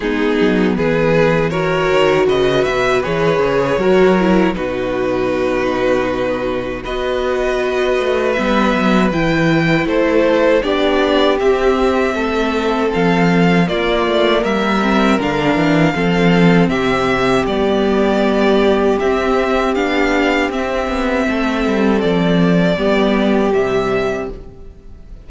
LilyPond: <<
  \new Staff \with { instrumentName = "violin" } { \time 4/4 \tempo 4 = 79 gis'4 b'4 cis''4 dis''8 e''8 | cis''2 b'2~ | b'4 dis''2 e''4 | g''4 c''4 d''4 e''4~ |
e''4 f''4 d''4 e''4 | f''2 e''4 d''4~ | d''4 e''4 f''4 e''4~ | e''4 d''2 e''4 | }
  \new Staff \with { instrumentName = "violin" } { \time 4/4 dis'4 gis'4 ais'4 b'4~ | b'4 ais'4 fis'2~ | fis'4 b'2.~ | b'4 a'4 g'2 |
a'2 f'4 ais'4~ | ais'4 a'4 g'2~ | g'1 | a'2 g'2 | }
  \new Staff \with { instrumentName = "viola" } { \time 4/4 b2 fis'2 | gis'4 fis'8 e'8 dis'2~ | dis'4 fis'2 b4 | e'2 d'4 c'4~ |
c'2 ais4. c'8 | d'4 c'2 b4~ | b4 c'4 d'4 c'4~ | c'2 b4 g4 | }
  \new Staff \with { instrumentName = "cello" } { \time 4/4 gis8 fis8 e4. dis8 cis8 b,8 | e8 cis8 fis4 b,2~ | b,4 b4. a8 g8 fis8 | e4 a4 b4 c'4 |
a4 f4 ais8 a8 g4 | d8 e8 f4 c4 g4~ | g4 c'4 b4 c'8 b8 | a8 g8 f4 g4 c4 | }
>>